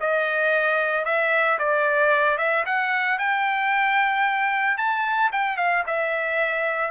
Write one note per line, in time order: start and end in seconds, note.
0.00 1.05 D#5
1.05 1.58 E5
1.59 2.38 D5
2.38 2.64 E5
2.66 3.19 F#5
3.19 4.77 G5
4.77 5.30 A5
5.32 5.57 G5
5.57 5.84 F5
5.87 6.91 E5